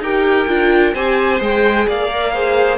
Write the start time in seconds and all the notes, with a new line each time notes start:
0.00 D#4 G4 A#4 G5
0.47 D4 F4
0.94 C4 G4 C5 G#5
1.40 G#3 G#4 G5
1.87 A#3 D5 F5
2.10 A#4
2.33 G#4 C5